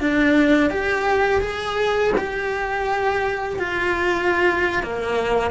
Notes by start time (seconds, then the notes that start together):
0.00 D4
0.70 G4
1.41 G#4
2.17 G4
3.59 F4
4.83 A#3